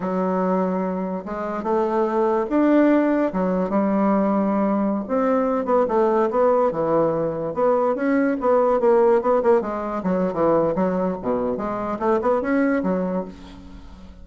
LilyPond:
\new Staff \with { instrumentName = "bassoon" } { \time 4/4 \tempo 4 = 145 fis2. gis4 | a2 d'2 | fis4 g2.~ | g16 c'4. b8 a4 b8.~ |
b16 e2 b4 cis'8.~ | cis'16 b4 ais4 b8 ais8 gis8.~ | gis16 fis8. e4 fis4 b,4 | gis4 a8 b8 cis'4 fis4 | }